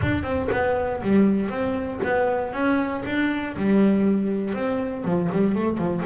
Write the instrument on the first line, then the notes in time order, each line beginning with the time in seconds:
double bass
0.02 D4
0.23 C4
0.51 B3
1.02 G3
1.49 C4
2.03 B3
2.52 C#4
3.05 D4
3.56 G3
4.54 C4
5.04 F3
5.31 G3
5.55 A3
5.77 F3